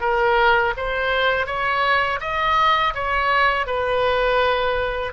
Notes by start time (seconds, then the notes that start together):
0.00 A#4
0.76 C5
1.46 C#5
2.20 D#5
2.94 C#5
3.66 B4